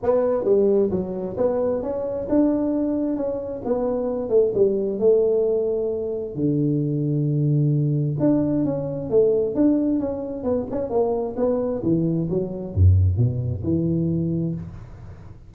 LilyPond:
\new Staff \with { instrumentName = "tuba" } { \time 4/4 \tempo 4 = 132 b4 g4 fis4 b4 | cis'4 d'2 cis'4 | b4. a8 g4 a4~ | a2 d2~ |
d2 d'4 cis'4 | a4 d'4 cis'4 b8 cis'8 | ais4 b4 e4 fis4 | fis,4 b,4 e2 | }